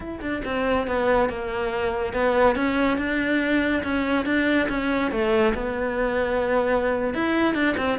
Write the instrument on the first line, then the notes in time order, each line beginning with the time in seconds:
cello
0.00 E4
0.21 D4
0.44 C4
0.87 B3
1.29 A#3
2.13 B3
2.55 C#4
2.97 D4
3.83 C#4
4.25 D4
4.68 C#4
5.11 A3
5.54 B3
7.14 E4
7.54 D4
7.77 C4